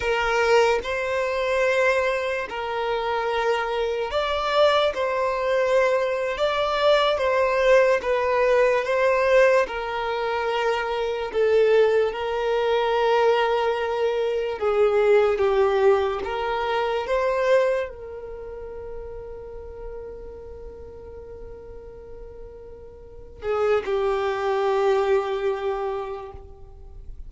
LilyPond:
\new Staff \with { instrumentName = "violin" } { \time 4/4 \tempo 4 = 73 ais'4 c''2 ais'4~ | ais'4 d''4 c''4.~ c''16 d''16~ | d''8. c''4 b'4 c''4 ais'16~ | ais'4.~ ais'16 a'4 ais'4~ ais'16~ |
ais'4.~ ais'16 gis'4 g'4 ais'16~ | ais'8. c''4 ais'2~ ais'16~ | ais'1~ | ais'8 gis'8 g'2. | }